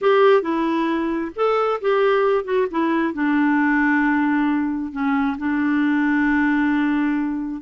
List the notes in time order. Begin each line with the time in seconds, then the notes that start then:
0.01 G4
0.42 E4
1.35 A4
1.81 G4
2.44 F#4
2.70 E4
3.13 D4
4.92 C#4
5.38 D4